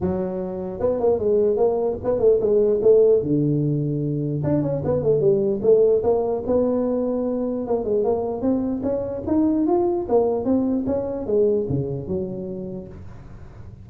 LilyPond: \new Staff \with { instrumentName = "tuba" } { \time 4/4 \tempo 4 = 149 fis2 b8 ais8 gis4 | ais4 b8 a8 gis4 a4 | d2. d'8 cis'8 | b8 a8 g4 a4 ais4 |
b2. ais8 gis8 | ais4 c'4 cis'4 dis'4 | f'4 ais4 c'4 cis'4 | gis4 cis4 fis2 | }